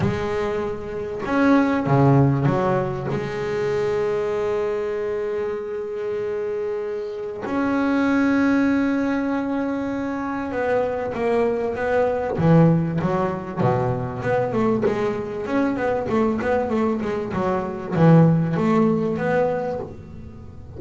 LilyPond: \new Staff \with { instrumentName = "double bass" } { \time 4/4 \tempo 4 = 97 gis2 cis'4 cis4 | fis4 gis2.~ | gis1 | cis'1~ |
cis'4 b4 ais4 b4 | e4 fis4 b,4 b8 a8 | gis4 cis'8 b8 a8 b8 a8 gis8 | fis4 e4 a4 b4 | }